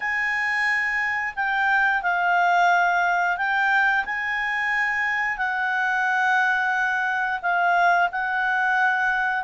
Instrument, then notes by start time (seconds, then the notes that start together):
clarinet
0.00 G#5
1.35 G5
2.02 F5
3.37 G5
4.04 G#5
5.37 F#5
7.42 F5
8.11 F#5